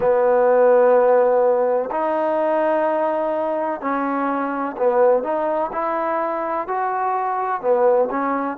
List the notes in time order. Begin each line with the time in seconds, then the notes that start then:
0.00 B3
1.90 D#4
3.81 C#4
4.77 B3
5.23 D#4
5.72 E4
6.67 F#4
7.61 B3
8.10 C#4